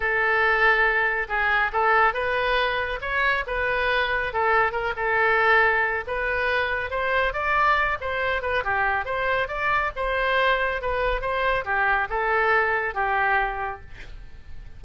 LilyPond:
\new Staff \with { instrumentName = "oboe" } { \time 4/4 \tempo 4 = 139 a'2. gis'4 | a'4 b'2 cis''4 | b'2 a'4 ais'8 a'8~ | a'2 b'2 |
c''4 d''4. c''4 b'8 | g'4 c''4 d''4 c''4~ | c''4 b'4 c''4 g'4 | a'2 g'2 | }